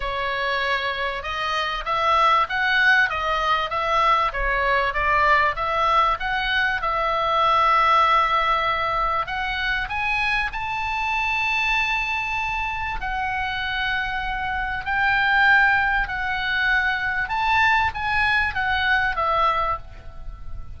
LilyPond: \new Staff \with { instrumentName = "oboe" } { \time 4/4 \tempo 4 = 97 cis''2 dis''4 e''4 | fis''4 dis''4 e''4 cis''4 | d''4 e''4 fis''4 e''4~ | e''2. fis''4 |
gis''4 a''2.~ | a''4 fis''2. | g''2 fis''2 | a''4 gis''4 fis''4 e''4 | }